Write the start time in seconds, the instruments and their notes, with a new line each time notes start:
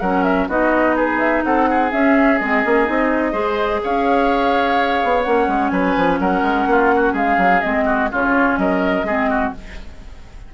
0.00 bassoon F#3, clarinet C#4, oboe A#4, flute F#5
0.24 flute E5
0.48 bassoon B3, clarinet D#4, oboe F#4, flute D#5
0.96 oboe G#4, flute B4
1.19 flute E5
1.44 bassoon C4, oboe A4, flute F#5
1.70 oboe G#4
1.91 clarinet C#4, bassoon C#4, flute E5
2.38 bassoon G#3, clarinet C4, flute D#5
2.63 bassoon A#3, clarinet C#4
2.85 bassoon C4, clarinet D#4
3.33 bassoon G#3, clarinet G#4, oboe C5
3.84 bassoon C#4, oboe C#5, flute F5
5.04 bassoon B3
5.23 bassoon A#3, clarinet C#4, flute F#5
5.47 bassoon G#3
5.69 bassoon F#3, oboe B4, flute G#5
5.97 bassoon F3
6.20 bassoon F#3, oboe A#4, flute F#5
6.42 bassoon G#3
6.66 bassoon A#3, oboe F4
6.96 oboe F#4
7.13 bassoon G#3, oboe G#4, flute F5
7.38 bassoon F#3
7.61 bassoon G#3, clarinet C4, flute D#5
7.85 oboe F#4
8.11 bassoon C#3, clarinet C#4, oboe F4, flute C#5
8.58 bassoon F#3, oboe A#4, flute D#5
9.03 bassoon G#3, clarinet C4, oboe G#4
9.30 oboe F#4